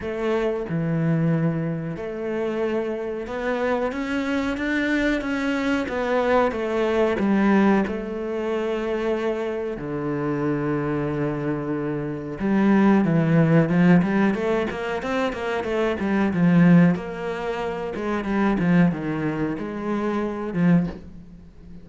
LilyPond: \new Staff \with { instrumentName = "cello" } { \time 4/4 \tempo 4 = 92 a4 e2 a4~ | a4 b4 cis'4 d'4 | cis'4 b4 a4 g4 | a2. d4~ |
d2. g4 | e4 f8 g8 a8 ais8 c'8 ais8 | a8 g8 f4 ais4. gis8 | g8 f8 dis4 gis4. f8 | }